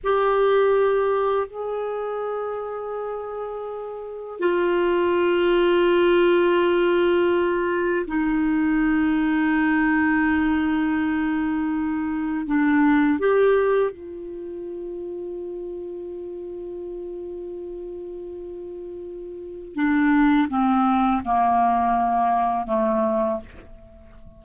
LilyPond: \new Staff \with { instrumentName = "clarinet" } { \time 4/4 \tempo 4 = 82 g'2 gis'2~ | gis'2 f'2~ | f'2. dis'4~ | dis'1~ |
dis'4 d'4 g'4 f'4~ | f'1~ | f'2. d'4 | c'4 ais2 a4 | }